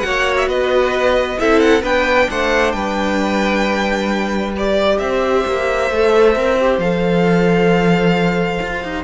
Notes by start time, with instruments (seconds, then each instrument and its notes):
0.00 cello A#3, viola F#4, violin C#5 F#5
0.37 violin E5
0.47 cello B3, violin B4 D#5
1.39 cello C4, viola E4, violin A4 E5
1.59 violin F#5
1.82 cello B3, viola D4, violin B4 G5
2.30 cello A3, violin C5 F#5
2.71 cello G3, violin B4 G5
4.56 viola G4, violin D5
4.98 cello C4, violin C5 E5
5.47 cello A#3
5.91 cello A3, viola A4
6.35 cello C4, viola A#4
6.59 viola G4
6.78 cello F3, viola A4, violin F5
8.62 cello F4
8.82 cello D#4, viola G4